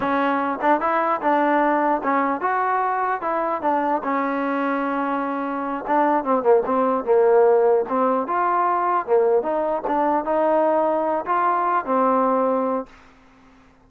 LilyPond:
\new Staff \with { instrumentName = "trombone" } { \time 4/4 \tempo 4 = 149 cis'4. d'8 e'4 d'4~ | d'4 cis'4 fis'2 | e'4 d'4 cis'2~ | cis'2~ cis'8 d'4 c'8 |
ais8 c'4 ais2 c'8~ | c'8 f'2 ais4 dis'8~ | dis'8 d'4 dis'2~ dis'8 | f'4. c'2~ c'8 | }